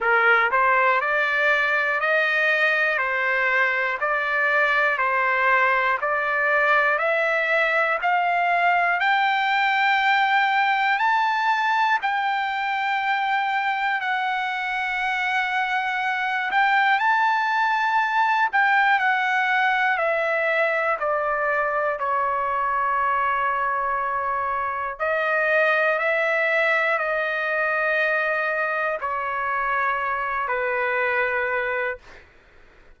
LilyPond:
\new Staff \with { instrumentName = "trumpet" } { \time 4/4 \tempo 4 = 60 ais'8 c''8 d''4 dis''4 c''4 | d''4 c''4 d''4 e''4 | f''4 g''2 a''4 | g''2 fis''2~ |
fis''8 g''8 a''4. g''8 fis''4 | e''4 d''4 cis''2~ | cis''4 dis''4 e''4 dis''4~ | dis''4 cis''4. b'4. | }